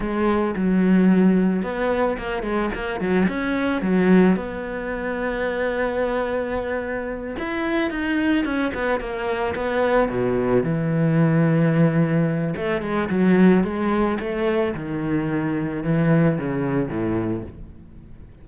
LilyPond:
\new Staff \with { instrumentName = "cello" } { \time 4/4 \tempo 4 = 110 gis4 fis2 b4 | ais8 gis8 ais8 fis8 cis'4 fis4 | b1~ | b4. e'4 dis'4 cis'8 |
b8 ais4 b4 b,4 e8~ | e2. a8 gis8 | fis4 gis4 a4 dis4~ | dis4 e4 cis4 a,4 | }